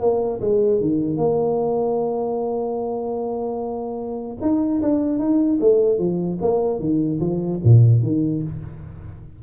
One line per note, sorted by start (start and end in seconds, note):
0.00 0.40 A#3
0.41 0.80 G#3
0.80 1.17 D#3
1.17 4.37 A#3
4.41 4.81 D#4
4.82 5.19 D4
5.19 5.59 D#4
5.60 5.98 A3
5.98 6.38 F3
6.41 6.79 A#3
6.79 7.19 D#3
7.20 7.60 F3
7.64 8.02 A#2
8.02 8.42 D#3